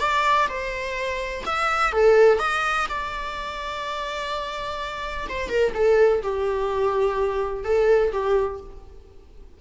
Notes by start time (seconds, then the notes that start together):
0.00 D5
0.49 C5
1.46 E5
1.93 A4
2.39 D#5
2.89 D5
5.29 C5
5.49 A#4
5.75 A4
6.23 G4
7.65 A4
8.13 G4